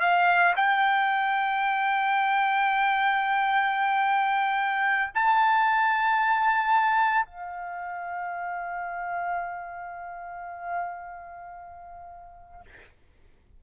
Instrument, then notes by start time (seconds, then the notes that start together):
trumpet
0.00 F5
0.56 G5
5.14 A5
7.26 F5